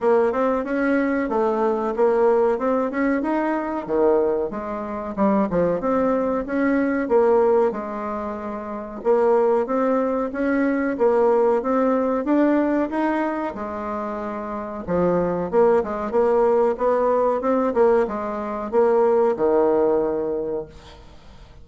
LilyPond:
\new Staff \with { instrumentName = "bassoon" } { \time 4/4 \tempo 4 = 93 ais8 c'8 cis'4 a4 ais4 | c'8 cis'8 dis'4 dis4 gis4 | g8 f8 c'4 cis'4 ais4 | gis2 ais4 c'4 |
cis'4 ais4 c'4 d'4 | dis'4 gis2 f4 | ais8 gis8 ais4 b4 c'8 ais8 | gis4 ais4 dis2 | }